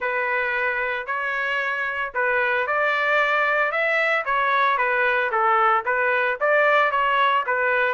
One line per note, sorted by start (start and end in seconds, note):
0.00 1.06 B4
1.06 2.12 C#5
2.14 2.66 B4
2.66 3.71 D5
3.71 4.24 E5
4.25 4.77 C#5
4.77 5.30 B4
5.31 5.84 A4
5.85 6.38 B4
6.40 6.91 D5
6.91 7.44 C#5
7.46 7.94 B4